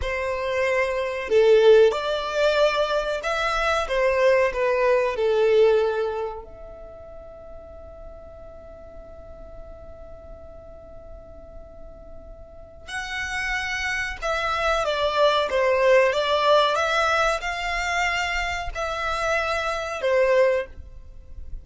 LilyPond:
\new Staff \with { instrumentName = "violin" } { \time 4/4 \tempo 4 = 93 c''2 a'4 d''4~ | d''4 e''4 c''4 b'4 | a'2 e''2~ | e''1~ |
e''1 | fis''2 e''4 d''4 | c''4 d''4 e''4 f''4~ | f''4 e''2 c''4 | }